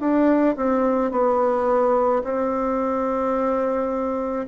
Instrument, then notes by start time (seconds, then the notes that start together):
bassoon
0.00 D4
0.57 C4
1.11 B3
2.24 C4